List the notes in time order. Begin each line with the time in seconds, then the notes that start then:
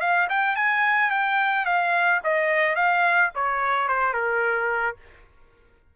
0.00 F5
0.29 G5
0.56 G#5
1.10 G5
1.65 F5
2.24 D#5
2.75 F5
3.35 C#5
3.88 C5
4.13 A#4